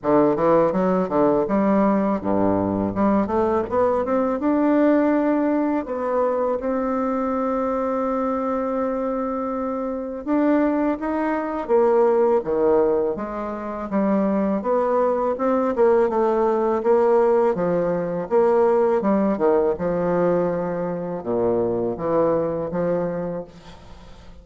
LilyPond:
\new Staff \with { instrumentName = "bassoon" } { \time 4/4 \tempo 4 = 82 d8 e8 fis8 d8 g4 g,4 | g8 a8 b8 c'8 d'2 | b4 c'2.~ | c'2 d'4 dis'4 |
ais4 dis4 gis4 g4 | b4 c'8 ais8 a4 ais4 | f4 ais4 g8 dis8 f4~ | f4 ais,4 e4 f4 | }